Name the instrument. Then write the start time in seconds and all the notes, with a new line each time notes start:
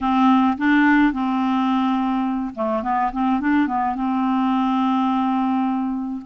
clarinet
0.00 C4
0.57 D4
1.12 C4
2.54 A3
2.83 B3
3.12 C4
3.40 D4
3.67 B3
3.95 C4